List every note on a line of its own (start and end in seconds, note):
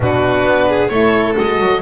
0.00 0.43 B2
0.00 0.91 D4
0.00 0.68 F#4
0.00 0.88 B4
0.43 0.89 B3
0.68 0.90 G#4
0.88 1.35 A3
0.88 1.35 E4
0.88 1.81 A4
0.88 1.33 C#5
1.35 1.59 G#3
1.35 1.80 F#4
1.35 1.81 D#5
1.59 1.81 F#3